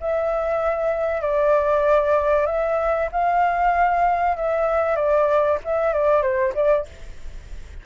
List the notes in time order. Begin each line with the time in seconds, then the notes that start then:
0.00 E5
1.21 D5
2.46 E5
3.12 F5
4.37 E5
4.95 D5
5.64 E5
5.93 D5
6.22 C5
6.55 D5